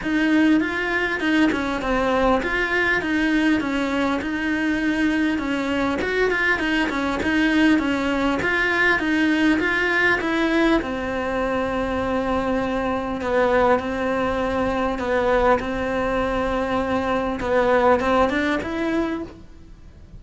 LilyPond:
\new Staff \with { instrumentName = "cello" } { \time 4/4 \tempo 4 = 100 dis'4 f'4 dis'8 cis'8 c'4 | f'4 dis'4 cis'4 dis'4~ | dis'4 cis'4 fis'8 f'8 dis'8 cis'8 | dis'4 cis'4 f'4 dis'4 |
f'4 e'4 c'2~ | c'2 b4 c'4~ | c'4 b4 c'2~ | c'4 b4 c'8 d'8 e'4 | }